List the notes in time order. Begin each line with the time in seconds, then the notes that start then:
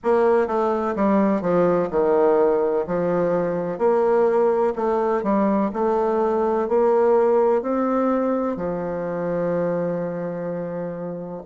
0.03 A#3
0.47 A3
0.95 G3
1.41 F3
1.90 D#3
2.87 F3
3.78 A#3
4.75 A3
5.23 G3
5.73 A3
6.68 A#3
7.62 C4
8.56 F3